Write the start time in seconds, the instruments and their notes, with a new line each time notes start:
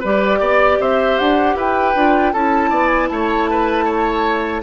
0.00 bassoon G3, clarinet G4, oboe B4, flute D5
0.39 bassoon B3, oboe D5
0.80 bassoon C4, oboe C5, flute E5
1.18 bassoon D4, flute F#5
1.55 bassoon E4, oboe B4, flute G5
1.95 bassoon D4, clarinet F4
2.33 bassoon C#4, clarinet E4, oboe A4, flute A5
2.70 bassoon B3, oboe D5
2.87 flute G#5
3.08 bassoon A3, oboe C#5, flute A5
3.50 oboe B4
3.85 oboe C#5